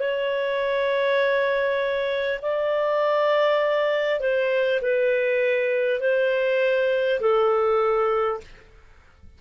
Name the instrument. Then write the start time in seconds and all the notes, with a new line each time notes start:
clarinet
0.00 C#5
2.42 D5
4.20 C5
4.82 B4
6.00 C5
7.21 A4